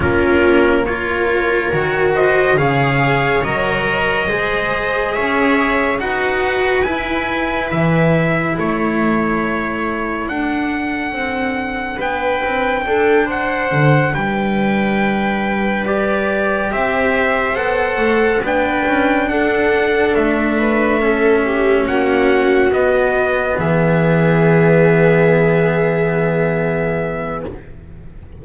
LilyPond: <<
  \new Staff \with { instrumentName = "trumpet" } { \time 4/4 \tempo 4 = 70 ais'4 cis''4. dis''8 f''4 | dis''2 e''4 fis''4 | gis''4 e''4 cis''2 | fis''2 g''4. fis''8~ |
fis''8 g''2 d''4 e''8~ | e''8 fis''4 g''4 fis''4 e''8~ | e''4. fis''4 dis''4 e''8~ | e''1 | }
  \new Staff \with { instrumentName = "viola" } { \time 4/4 f'4 ais'4. c''8 cis''4~ | cis''4 c''4 cis''4 b'4~ | b'2 a'2~ | a'2 b'4 a'8 c''8~ |
c''8 b'2. c''8~ | c''4. b'4 a'4. | b'8 a'8 g'8 fis'2 gis'8~ | gis'1 | }
  \new Staff \with { instrumentName = "cello" } { \time 4/4 cis'4 f'4 fis'4 gis'4 | ais'4 gis'2 fis'4 | e'1 | d'1~ |
d'2~ d'8 g'4.~ | g'8 a'4 d'2~ d'8~ | d'8 cis'2 b4.~ | b1 | }
  \new Staff \with { instrumentName = "double bass" } { \time 4/4 ais2 dis4 cis4 | fis4 gis4 cis'4 dis'4 | e'4 e4 a2 | d'4 c'4 b8 c'8 d'4 |
d8 g2. c'8~ | c'8 b8 a8 b8 cis'8 d'4 a8~ | a4. ais4 b4 e8~ | e1 | }
>>